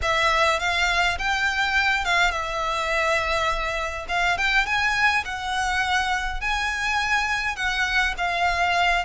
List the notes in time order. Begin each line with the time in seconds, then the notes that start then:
0.02 E5
0.59 F5
1.18 G5
2.04 F5
2.31 E5
4.08 F5
4.37 G5
4.65 G#5
5.24 F#5
6.41 G#5
7.56 F#5
8.17 F5